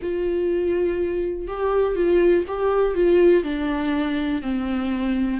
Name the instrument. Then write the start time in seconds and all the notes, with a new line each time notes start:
viola
0.02 F4
1.47 G4
1.95 F4
2.47 G4
2.94 F4
3.43 D4
4.42 C4